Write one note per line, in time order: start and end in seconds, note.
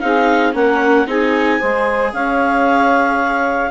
0.00 0.54 C4
0.00 0.52 D#4
0.00 0.55 G#4
0.00 0.53 F5
0.52 1.06 A#3
0.52 1.06 C#4
0.52 1.07 A#4
0.52 1.08 F#5
1.06 1.60 C4
1.06 1.60 D#4
1.06 1.59 G#4
1.06 2.14 G#5
1.59 2.13 G#3
1.59 3.71 G#4
1.59 2.12 C5
2.13 3.71 C#4
2.13 3.71 C#5
2.13 3.71 F5